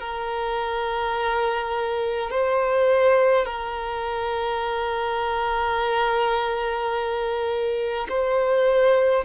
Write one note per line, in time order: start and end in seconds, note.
0.00 2.31 A#4
2.31 3.46 C5
3.46 8.07 A#4
8.09 9.25 C5